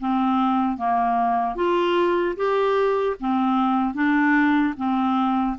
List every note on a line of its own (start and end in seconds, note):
0.00 0.78 C4
0.78 1.56 A#3
1.56 2.36 F4
2.37 3.17 G4
3.20 3.95 C4
3.95 4.75 D4
4.77 5.57 C4